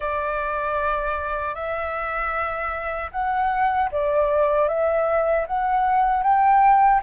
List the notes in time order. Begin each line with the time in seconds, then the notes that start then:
0.00 D5
1.54 E5
3.11 F#5
3.91 D5
4.68 E5
5.47 F#5
6.23 G5